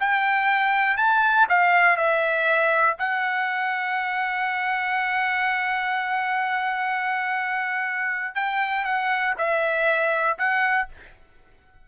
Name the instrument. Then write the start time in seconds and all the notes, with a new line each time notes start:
trumpet
0.00 G5
0.97 A5
1.49 F5
1.97 E5
2.99 F#5
8.35 G5
8.85 F#5
9.38 E5
10.38 F#5